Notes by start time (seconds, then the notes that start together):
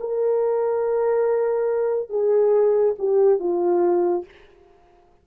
0.00 A#4
2.09 G#4
2.98 G4
3.39 F4